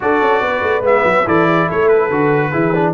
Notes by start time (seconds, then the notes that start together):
0.00 D4 F#4 A4 D5
0.21 C#4
0.40 B3 B4
0.61 A3
0.80 G#3 B3 E5
1.04 F#3
1.26 E3 E4 A4 D5
1.46 G#4
1.68 A3 A4 C#5
1.88 B4
2.10 D3 F#4
2.51 E3 E4 G#4
2.74 D4